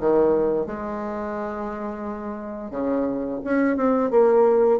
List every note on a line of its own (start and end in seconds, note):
0.00 0.66 D#3
0.66 2.71 G#3
2.71 3.40 C#3
3.44 3.77 C#4
3.77 4.11 C4
4.11 4.80 A#3